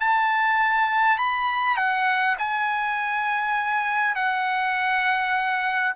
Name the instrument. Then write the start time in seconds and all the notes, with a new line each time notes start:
trumpet
0.00 A5
1.18 B5
1.77 F#5
2.38 G#5
4.15 F#5